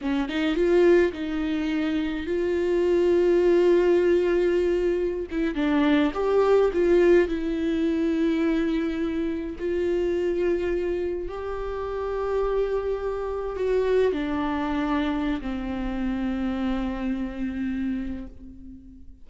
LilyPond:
\new Staff \with { instrumentName = "viola" } { \time 4/4 \tempo 4 = 105 cis'8 dis'8 f'4 dis'2 | f'1~ | f'4~ f'16 e'8 d'4 g'4 f'16~ | f'8. e'2.~ e'16~ |
e'8. f'2. g'16~ | g'2.~ g'8. fis'16~ | fis'8. d'2~ d'16 c'4~ | c'1 | }